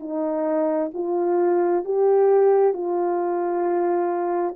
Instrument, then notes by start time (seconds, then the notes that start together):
horn
0.00 D#4
0.94 F4
1.85 G4
2.74 F4